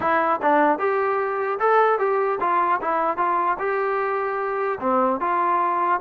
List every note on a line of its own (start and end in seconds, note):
0.00 0.40 E4
0.41 0.78 D4
0.78 1.58 G4
1.59 1.98 A4
1.98 2.38 G4
2.40 2.80 F4
2.81 3.17 E4
3.17 3.57 F4
3.58 4.78 G4
4.80 5.20 C4
5.20 6.00 F4